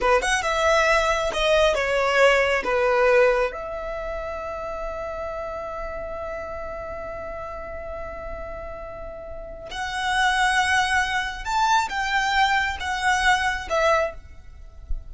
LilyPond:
\new Staff \with { instrumentName = "violin" } { \time 4/4 \tempo 4 = 136 b'8 fis''8 e''2 dis''4 | cis''2 b'2 | e''1~ | e''1~ |
e''1~ | e''2 fis''2~ | fis''2 a''4 g''4~ | g''4 fis''2 e''4 | }